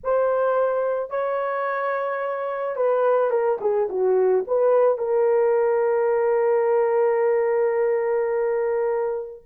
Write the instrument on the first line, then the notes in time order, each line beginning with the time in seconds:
horn
0.03 C5
1.10 C#5
2.76 B4
3.30 A#4
3.60 G#4
3.89 F#4
4.47 B4
4.97 A#4